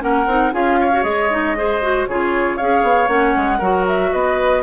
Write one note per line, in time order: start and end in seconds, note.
0.00 0.27 A#3
0.00 0.26 C#4
0.00 0.53 A#4
0.00 0.54 F#5
0.27 0.52 C4
0.27 0.53 D#4
0.53 1.04 C#4
0.53 0.92 F4
0.53 0.79 G#4
0.53 1.04 F5
0.81 1.58 C#5
0.92 1.03 F#4
1.03 2.07 G#3
1.03 1.29 G#4
1.03 2.06 D#5
1.31 1.56 D#4
1.57 1.82 G#4
1.57 2.09 C5
1.82 2.08 F#4
2.07 2.60 C#3
2.07 2.60 F4
2.07 2.57 G#4
2.07 2.58 C#5
2.57 2.83 C#4
2.57 3.08 G#4
2.57 3.59 C#5
2.57 3.08 F5
2.83 3.09 B3
3.08 3.34 A#3
3.08 3.59 C#4
3.08 3.85 F#5
3.36 3.61 G#3
3.59 4.12 F#3
3.59 4.63 F#4
3.59 4.10 A#4
3.88 4.14 E5
4.13 4.63 B3
4.13 4.63 B4
4.13 4.63 D#5